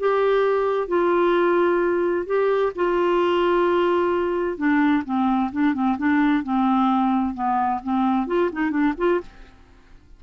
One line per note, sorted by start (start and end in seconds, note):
0.00 0.88 G4
0.88 2.27 F4
2.27 2.73 G4
2.76 4.58 F4
4.58 5.04 D4
5.05 5.51 C4
5.53 5.74 D4
5.74 5.97 C4
5.98 6.44 D4
6.44 7.35 C4
7.35 7.81 B3
7.84 8.27 C4
8.27 8.50 F4
8.53 8.71 D#4
8.71 8.94 D4
8.98 9.21 F4